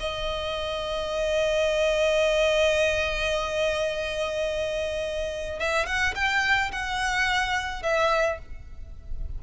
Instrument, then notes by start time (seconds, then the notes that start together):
violin
0.00 D#5
5.60 E5
5.86 F#5
6.16 G5
6.72 F#5
7.83 E5